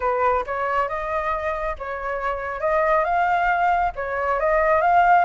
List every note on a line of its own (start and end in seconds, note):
0.00 0.44 B4
0.46 0.88 C#5
0.88 1.76 D#5
1.78 2.60 C#5
2.60 3.04 D#5
3.04 3.92 F5
3.95 4.39 C#5
4.39 4.81 D#5
4.81 5.25 F5